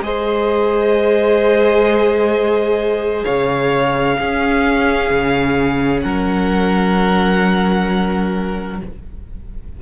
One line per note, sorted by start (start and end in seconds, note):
0.00 3.23 G#3
0.00 4.17 G#4
0.00 3.24 C5
0.00 3.23 D#5
3.23 4.20 C#3
3.23 4.16 C#5
3.23 6.00 F5
4.18 8.80 C#4
4.18 5.10 C#4
4.18 6.03 G#4
5.10 6.02 C#3
6.01 8.81 F#3
6.01 8.80 A#4
6.01 8.77 F#5